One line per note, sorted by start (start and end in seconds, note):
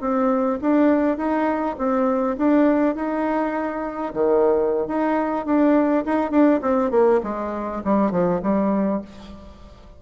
0.00 0.59 C4
0.61 1.17 D4
1.17 1.75 D#4
1.78 2.37 C4
2.37 2.95 D4
2.95 4.12 D#4
4.13 4.87 D#3
4.87 5.45 D#4
5.45 6.04 D4
6.05 6.31 D#4
6.31 6.60 D4
6.61 6.91 C4
6.91 7.20 A#3
7.23 7.82 G#3
7.84 8.11 G3
8.11 8.40 F3
8.43 9.01 G3